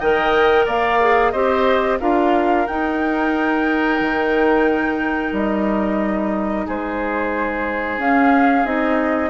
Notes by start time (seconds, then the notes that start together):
0.00 D#3 A#4 D#5 G5
0.66 A#3 D5 F5
1.01 G#4
1.31 C4 G4 C5 D#5
2.00 D4 F4 A#4 F5
2.67 D#4 G5
4.01 D#3
5.33 G3 D#5
6.67 G#3 G#4 C5
7.98 C#4 F5
8.65 C4 D#4 D#5